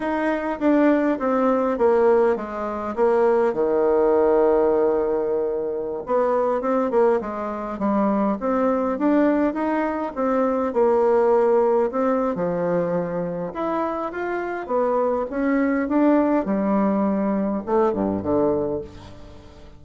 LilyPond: \new Staff \with { instrumentName = "bassoon" } { \time 4/4 \tempo 4 = 102 dis'4 d'4 c'4 ais4 | gis4 ais4 dis2~ | dis2~ dis16 b4 c'8 ais16~ | ais16 gis4 g4 c'4 d'8.~ |
d'16 dis'4 c'4 ais4.~ ais16~ | ais16 c'8. f2 e'4 | f'4 b4 cis'4 d'4 | g2 a8 g,8 d4 | }